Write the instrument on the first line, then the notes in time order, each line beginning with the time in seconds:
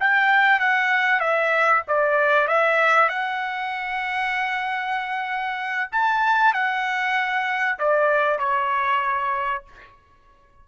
trumpet
0.00 G5
0.60 F#5
1.20 E5
1.88 D5
2.48 E5
3.09 F#5
5.92 A5
6.54 F#5
7.79 D5
8.39 C#5